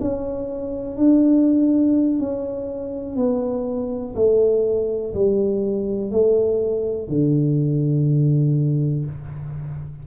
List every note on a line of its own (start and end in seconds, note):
0.00 0.97 C#4
0.97 2.20 D4
2.20 3.16 C#4
3.16 4.14 B3
4.15 5.13 A3
5.14 6.11 G3
6.11 7.08 A3
7.08 9.05 D3